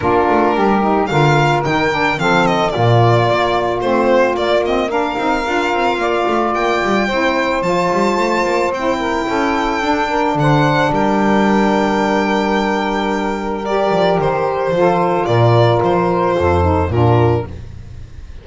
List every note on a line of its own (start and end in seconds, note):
0.00 0.28 A#3
0.00 0.81 D4
0.00 0.55 F4
0.00 1.06 A#4
0.29 0.55 A3
0.55 1.09 G3
0.55 1.10 G4
0.81 1.08 D#4
1.06 1.64 D3
1.06 1.62 F4
1.06 2.19 A#4
1.06 1.60 F5
1.62 2.18 D#3
1.62 1.90 D#4
1.62 2.19 G5
1.90 2.17 D4
2.17 2.73 F3
2.17 2.71 C4
2.17 2.73 A4
2.17 2.46 F5
2.46 2.70 D#5
2.70 3.29 A#2
2.70 3.80 A#3
2.70 4.89 F4
2.70 3.79 D5
3.29 3.82 A#3
3.81 4.34 A3
3.81 4.37 C4
3.81 4.35 C5
4.34 5.15 A#3
4.34 4.64 A#3
4.34 4.63 D5
4.65 4.90 C4
4.65 4.91 D#5
4.89 5.17 D4
4.89 5.98 A#4
4.89 6.53 F5
5.17 5.45 C4
5.17 5.44 D#4
5.44 5.73 D4
5.44 7.08 F4
5.73 5.97 C4
5.97 6.24 A#3
5.97 7.07 D5
6.27 6.54 A3
6.53 6.82 A#3
6.53 7.62 G5
6.82 7.09 G3
7.07 7.61 C4
7.07 7.62 E4
7.07 8.98 C5
7.61 7.89 F3
7.61 8.71 F4
7.61 8.71 A5
7.92 8.16 G3
8.16 8.44 A3
8.44 8.70 A#3
8.70 9.25 C4
8.70 9.80 E4
8.70 10.37 G5
8.98 9.26 A#4
9.27 9.81 C#4
9.27 10.08 A4
9.80 13.62 D4
9.80 10.35 D4
10.08 10.35 A#4
10.35 10.89 D3
10.35 10.93 F#5
10.41 10.92 C5
10.90 13.90 G3
10.90 14.74 A#4
10.90 13.65 G5
13.65 14.73 G4
13.65 14.19 D5
13.91 14.18 F3
14.19 14.70 D#3
14.19 15.25 C5
14.70 15.25 F3
14.70 16.61 F4
14.77 15.27 A4
15.25 15.81 A#2
15.25 16.36 A#4
15.25 15.80 D5
15.82 16.36 F3
15.82 16.91 C5
16.37 16.89 F2
16.37 16.89 A4
16.61 16.89 D#4
16.89 17.43 A#2
16.89 17.46 D4
16.89 17.44 F4
16.89 17.46 A#4